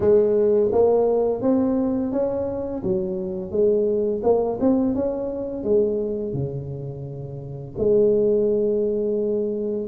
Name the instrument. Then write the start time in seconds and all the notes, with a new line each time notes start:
tuba
0.00 G#3
0.72 A#3
1.41 C4
2.12 C#4
2.83 F#3
3.51 G#3
4.23 A#3
4.60 C4
4.94 C#4
5.63 G#3
6.33 C#3
7.78 G#3